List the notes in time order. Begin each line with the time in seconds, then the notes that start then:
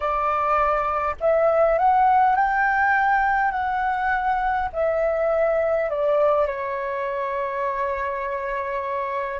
0.00 D5
1.20 E5
1.78 F#5
2.35 G5
3.51 F#5
4.72 E5
5.89 D5
6.47 C#5